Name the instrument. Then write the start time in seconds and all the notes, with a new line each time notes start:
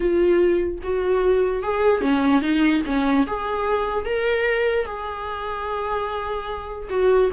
viola
0.00 F4
0.83 F#4
1.62 G#4
2.01 C#4
2.41 D#4
2.85 C#4
3.26 G#4
4.05 A#4
4.85 G#4
6.89 F#4